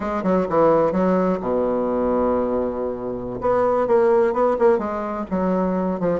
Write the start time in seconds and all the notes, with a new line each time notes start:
0.00 G#3
0.23 F#3
0.49 E3
0.92 F#3
1.40 B2
3.40 B3
3.87 A#3
4.33 B3
4.58 A#3
4.78 G#3
5.30 F#3
6.00 F3